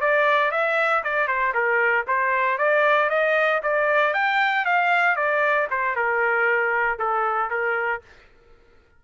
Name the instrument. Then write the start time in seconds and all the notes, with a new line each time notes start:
trumpet
0.00 D5
0.51 E5
1.03 D5
1.27 C5
1.54 A#4
2.07 C5
2.58 D5
3.09 D#5
3.63 D5
4.13 G5
4.65 F5
5.16 D5
5.70 C5
5.95 A#4
6.99 A4
7.50 A#4